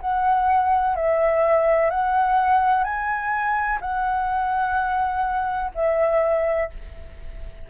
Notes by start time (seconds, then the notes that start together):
0.00 F#5
0.95 E5
1.90 F#5
2.84 G#5
3.81 F#5
5.74 E5